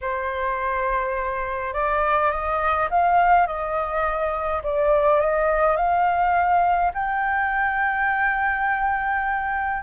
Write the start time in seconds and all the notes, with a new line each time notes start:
0.01 C5
1.73 D5
2.31 D#5
2.90 F5
3.46 D#5
4.63 D5
5.20 D#5
5.76 F5
6.94 G5